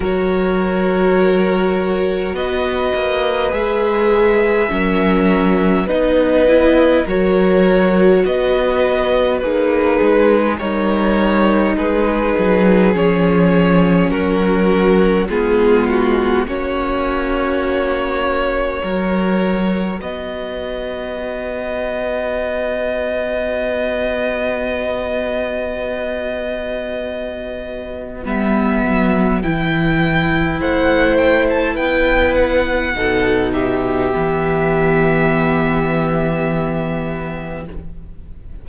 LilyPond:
<<
  \new Staff \with { instrumentName = "violin" } { \time 4/4 \tempo 4 = 51 cis''2 dis''4 e''4~ | e''4 dis''4 cis''4 dis''4 | b'4 cis''4 b'4 cis''4 | ais'4 gis'8 fis'8 cis''2~ |
cis''4 dis''2.~ | dis''1 | e''4 g''4 fis''8 g''16 a''16 g''8 fis''8~ | fis''8 e''2.~ e''8 | }
  \new Staff \with { instrumentName = "violin" } { \time 4/4 ais'2 b'2 | ais'4 b'4 ais'4 b'4 | dis'4 ais'4 gis'2 | fis'4 f'4 fis'2 |
ais'4 b'2.~ | b'1~ | b'2 c''4 b'4 | a'8 g'2.~ g'8 | }
  \new Staff \with { instrumentName = "viola" } { \time 4/4 fis'2. gis'4 | cis'4 dis'8 e'8 fis'2 | gis'4 dis'2 cis'4~ | cis'4 b4 cis'2 |
fis'1~ | fis'1 | b4 e'2. | dis'4 b2. | }
  \new Staff \with { instrumentName = "cello" } { \time 4/4 fis2 b8 ais8 gis4 | fis4 b4 fis4 b4 | ais8 gis8 g4 gis8 fis8 f4 | fis4 gis4 ais2 |
fis4 b2.~ | b1 | g8 fis8 e4 a4 b4 | b,4 e2. | }
>>